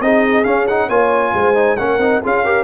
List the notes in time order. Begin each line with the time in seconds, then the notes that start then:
0.00 C4 D#4 G#4 D#5
0.44 C#4 F5
0.67 D#4 F#5
0.88 A#3 F4 C#5 G#5
1.34 G#3 C5
1.55 D#4
1.77 A#3 C#4 A#4 F#5
1.98 C4 D#4
2.22 C#4 F4 G#4 F5
2.44 G4 A#4